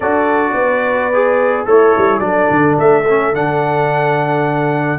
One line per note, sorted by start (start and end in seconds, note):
0.00 0.53 D4
0.00 1.13 F#4
0.00 0.53 A4
0.00 1.66 D5
0.53 1.64 B3
0.53 1.67 B4
1.13 1.66 G#4
1.66 1.94 A3
1.66 2.23 E4
1.66 2.20 A4
1.66 2.19 C#5
1.97 2.19 G3
2.19 2.47 F#3
2.19 3.03 D4
2.19 4.99 A4
2.19 2.74 D5
2.50 2.78 D3
2.78 3.33 A3
2.78 3.34 E5
3.08 3.33 C#4
3.33 4.99 D3
3.33 4.99 D4
3.33 4.99 F#5